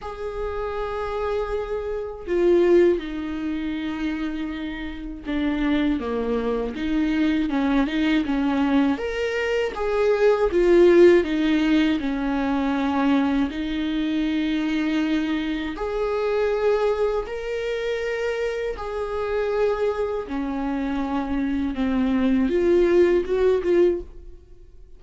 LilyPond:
\new Staff \with { instrumentName = "viola" } { \time 4/4 \tempo 4 = 80 gis'2. f'4 | dis'2. d'4 | ais4 dis'4 cis'8 dis'8 cis'4 | ais'4 gis'4 f'4 dis'4 |
cis'2 dis'2~ | dis'4 gis'2 ais'4~ | ais'4 gis'2 cis'4~ | cis'4 c'4 f'4 fis'8 f'8 | }